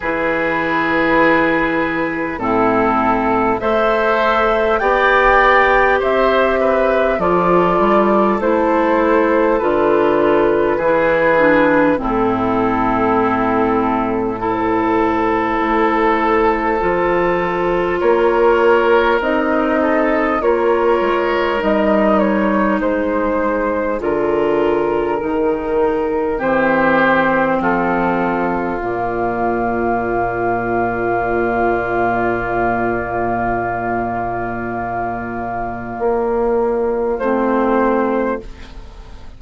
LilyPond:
<<
  \new Staff \with { instrumentName = "flute" } { \time 4/4 \tempo 4 = 50 b'2 a'4 e''4 | g''4 e''4 d''4 c''4 | b'2 a'2 | c''2. cis''4 |
dis''4 cis''4 dis''8 cis''8 c''4 | ais'2 c''4 a'4 | d''1~ | d''2. c''4 | }
  \new Staff \with { instrumentName = "oboe" } { \time 4/4 gis'2 e'4 c''4 | d''4 c''8 b'8 a'2~ | a'4 gis'4 e'2 | a'2. ais'4~ |
ais'8 a'8 ais'2 gis'4~ | gis'2 g'4 f'4~ | f'1~ | f'1 | }
  \new Staff \with { instrumentName = "clarinet" } { \time 4/4 e'2 c'4 a'4 | g'2 f'4 e'4 | f'4 e'8 d'8 c'2 | e'2 f'2 |
dis'4 f'4 dis'2 | f'4 dis'4 c'2 | ais1~ | ais2. c'4 | }
  \new Staff \with { instrumentName = "bassoon" } { \time 4/4 e2 a,4 a4 | b4 c'4 f8 g8 a4 | d4 e4 a,2~ | a,4 a4 f4 ais4 |
c'4 ais8 gis8 g4 gis4 | d4 dis4 e4 f4 | ais,1~ | ais,2 ais4 a4 | }
>>